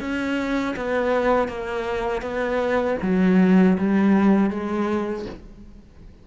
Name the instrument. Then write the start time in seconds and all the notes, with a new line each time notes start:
cello
0.00 C#4
0.76 B3
1.48 A#3
2.22 B3
3.02 F#3
3.78 G3
4.50 G#3